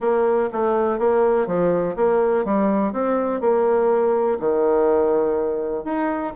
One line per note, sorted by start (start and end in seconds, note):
0.00 0.49 A#3
0.52 0.98 A3
0.98 1.46 A#3
1.46 1.95 F3
1.95 2.44 A#3
2.44 2.92 G3
2.92 3.41 C4
3.41 4.38 A#3
4.39 5.84 D#3
5.84 6.33 D#4